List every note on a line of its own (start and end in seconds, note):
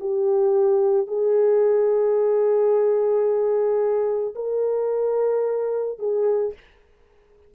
0.00 1.08 G4
1.08 4.35 G#4
4.35 5.99 A#4
5.99 6.54 G#4